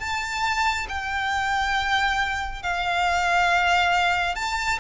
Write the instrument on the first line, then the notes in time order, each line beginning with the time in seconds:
violin
0.00 A5
0.89 G5
2.62 F5
4.36 A5